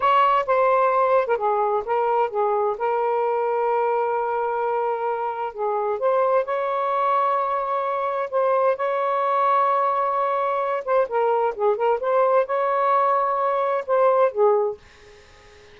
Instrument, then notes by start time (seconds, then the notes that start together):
saxophone
0.00 C#5
0.46 C5
1.27 A#4
1.37 G#4
1.85 A#4
2.30 G#4
2.77 A#4
5.53 G#4
5.99 C5
6.44 C#5
8.30 C5
8.76 C#5
10.84 C5
11.08 A#4
11.55 G#4
11.76 A#4
12.00 C5
12.46 C#5
13.86 C5
14.31 G#4